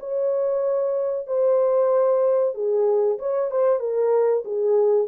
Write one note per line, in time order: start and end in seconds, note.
0.00 1.27 C#5
1.27 2.55 C5
2.55 3.19 G#4
3.19 3.51 C#5
3.51 3.80 C5
3.80 4.44 A#4
4.45 5.08 G#4